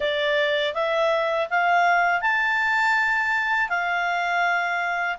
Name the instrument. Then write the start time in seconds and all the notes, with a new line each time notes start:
clarinet
0.00 D5
0.74 E5
1.50 F5
2.21 A5
3.69 F5